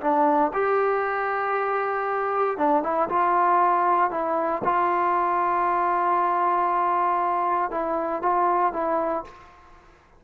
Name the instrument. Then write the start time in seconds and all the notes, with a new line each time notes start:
trombone
0.00 D4
0.53 G4
2.58 D4
2.83 E4
3.08 F4
4.10 E4
4.64 F4
7.71 E4
8.22 F4
8.72 E4